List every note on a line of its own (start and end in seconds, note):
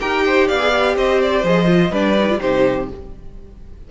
0.00 0.50 D#4
0.00 0.59 G4
0.00 0.24 A#4
0.00 0.48 G5
0.26 0.47 C5
0.47 0.95 B3
0.47 0.95 D5
0.47 0.96 F5
0.59 0.71 G#4
0.71 1.43 G4
0.95 1.43 C4
0.95 1.91 C5
0.95 1.21 D#5
1.21 1.45 D5
1.43 1.90 F3
1.43 1.65 G#4
1.43 1.94 D#5
1.65 1.89 F4
1.90 2.38 G3
1.90 2.17 D4
1.90 2.39 B4
1.90 2.40 D5
2.18 2.29 D#4
2.29 2.40 F4
2.40 2.90 C3
2.40 2.88 D#4
2.40 2.89 G4
2.40 2.88 C5